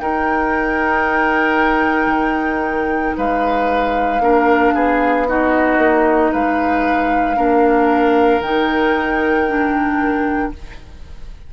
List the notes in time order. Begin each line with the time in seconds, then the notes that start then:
0.00 D#4 A#4 G5
2.07 D#3
3.17 G#3 B4 F5
4.20 A#3 D4 A#4
4.75 B3 G#4
5.28 D#4 F#4 D#5
5.78 A#3
6.32 G#3 B4 F5
7.36 A#3 D4 A#4
8.40 D#3 D#4 G5
9.48 D4